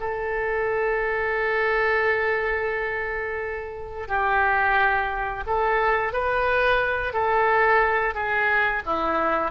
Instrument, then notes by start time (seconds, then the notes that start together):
oboe
0.00 A4
4.08 G4
5.47 A4
6.13 B4
7.13 A4
8.14 G#4
8.86 E4